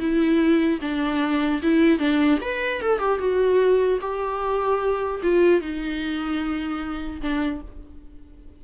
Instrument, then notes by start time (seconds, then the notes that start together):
viola
0.00 E4
0.82 D4
1.63 E4
1.99 D4
2.42 B4
2.81 A4
2.99 G4
3.19 F#4
4.01 G4
5.23 F4
5.61 D#4
7.22 D4